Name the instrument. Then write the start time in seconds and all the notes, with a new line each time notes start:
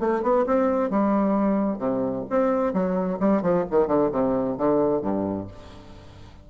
bassoon
0.00 A3
0.23 B3
0.46 C4
0.90 G3
1.79 C3
2.30 C4
2.73 F#3
3.20 G3
3.42 F3
3.71 D#3
3.88 D3
4.12 C3
4.58 D3
5.02 G2